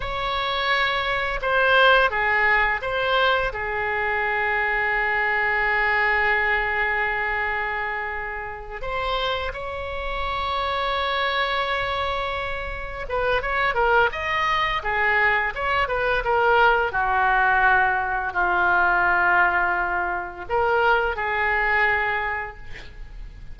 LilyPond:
\new Staff \with { instrumentName = "oboe" } { \time 4/4 \tempo 4 = 85 cis''2 c''4 gis'4 | c''4 gis'2.~ | gis'1~ | gis'8 c''4 cis''2~ cis''8~ |
cis''2~ cis''8 b'8 cis''8 ais'8 | dis''4 gis'4 cis''8 b'8 ais'4 | fis'2 f'2~ | f'4 ais'4 gis'2 | }